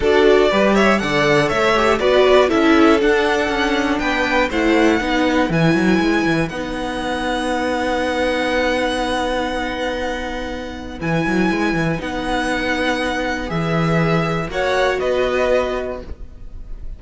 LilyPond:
<<
  \new Staff \with { instrumentName = "violin" } { \time 4/4 \tempo 4 = 120 d''4. e''8 fis''4 e''4 | d''4 e''4 fis''2 | g''4 fis''2 gis''4~ | gis''4 fis''2.~ |
fis''1~ | fis''2 gis''2 | fis''2. e''4~ | e''4 fis''4 dis''2 | }
  \new Staff \with { instrumentName = "violin" } { \time 4/4 a'4 b'8 cis''8 d''4 cis''4 | b'4 a'2. | b'4 c''4 b'2~ | b'1~ |
b'1~ | b'1~ | b'1~ | b'4 cis''4 b'2 | }
  \new Staff \with { instrumentName = "viola" } { \time 4/4 fis'4 g'4 a'4. g'8 | fis'4 e'4 d'2~ | d'4 e'4 dis'4 e'4~ | e'4 dis'2.~ |
dis'1~ | dis'2 e'2 | dis'2. gis'4~ | gis'4 fis'2. | }
  \new Staff \with { instrumentName = "cello" } { \time 4/4 d'4 g4 d4 a4 | b4 cis'4 d'4 cis'4 | b4 a4 b4 e8 fis8 | gis8 e8 b2.~ |
b1~ | b2 e8 fis8 gis8 e8 | b2. e4~ | e4 ais4 b2 | }
>>